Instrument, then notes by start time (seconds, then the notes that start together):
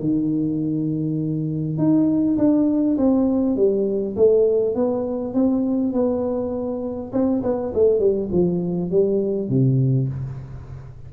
tuba
0.00 D#3
1.78 D#4
2.38 D4
2.97 C4
3.56 G3
4.16 A3
4.75 B3
5.34 C4
5.93 B3
7.13 C4
7.43 B3
7.74 A3
8.00 G3
8.32 F3
8.91 G3
9.49 C3